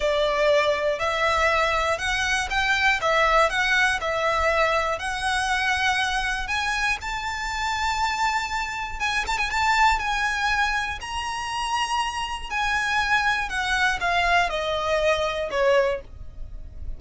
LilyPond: \new Staff \with { instrumentName = "violin" } { \time 4/4 \tempo 4 = 120 d''2 e''2 | fis''4 g''4 e''4 fis''4 | e''2 fis''2~ | fis''4 gis''4 a''2~ |
a''2 gis''8 a''16 gis''16 a''4 | gis''2 ais''2~ | ais''4 gis''2 fis''4 | f''4 dis''2 cis''4 | }